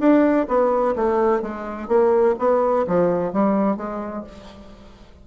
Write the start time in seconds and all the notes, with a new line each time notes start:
0.00 D4
0.48 B3
0.96 A3
1.42 G#3
1.88 A#3
2.39 B3
2.87 F3
3.33 G3
3.77 G#3